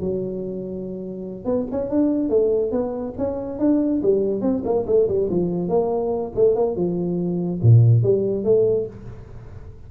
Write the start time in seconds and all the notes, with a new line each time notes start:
0.00 F#3
1.45 B3
1.71 C#4
1.90 D4
2.29 A3
2.71 B3
3.18 C#4
3.59 D4
4.03 G3
4.41 C4
4.64 A#3
4.86 A3
5.08 G3
5.30 F3
5.69 A#3
6.35 A3
6.55 A#3
6.76 F3
7.62 A#2
8.03 G3
8.44 A3